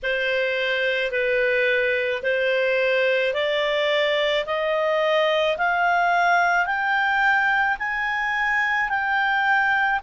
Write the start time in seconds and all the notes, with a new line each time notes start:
0.03 C5
1.11 B4
2.22 C5
3.33 D5
4.45 D#5
5.57 F5
6.66 G5
7.78 G#5
8.89 G5